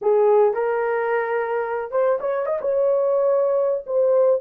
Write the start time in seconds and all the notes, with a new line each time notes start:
0.01 G#4
0.53 A#4
1.91 C5
2.20 C#5
2.45 D#5
2.61 C#5
3.86 C5